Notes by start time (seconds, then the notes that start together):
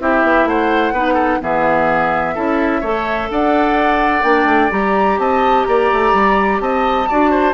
0.00 C4 E4 G4 E5
0.23 B3
0.45 A3 C5 F#5
0.92 B3 D#4 B4
1.14 A4
1.41 E3 B3 G#4 E5
2.35 C#4 E4 A4
2.81 A3 A4 C#5
3.30 D4 D5 F#5
4.23 A#3 D4 G5
4.45 A3
4.71 G3 G4 A#5
5.19 C4 D#5 A5
5.65 A#3 D5 A#5
5.93 A3
6.13 G3
6.61 C4 D#5 A5
7.09 D4 F#4 D5
7.31 C5